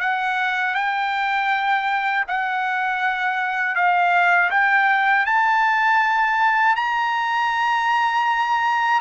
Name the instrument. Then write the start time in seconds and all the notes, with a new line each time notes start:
trumpet
0.00 F#5
0.75 G5
2.28 F#5
3.76 F5
4.51 G5
5.26 A5
6.76 A#5